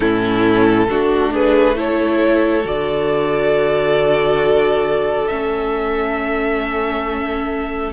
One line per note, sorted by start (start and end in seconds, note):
0.00 0.87 A2
0.00 0.88 C#4
0.00 0.86 E4
0.00 1.31 A4
0.88 2.65 A3
0.88 1.75 D4
0.88 1.32 F#4
1.32 1.76 G#4
1.32 1.78 B4
1.75 2.63 E4
1.75 7.92 A4
1.75 2.66 C#5
2.63 5.29 D3
2.63 5.28 F#4
2.63 5.27 D5
5.27 7.92 A3
5.27 7.92 C#4
5.27 7.92 E5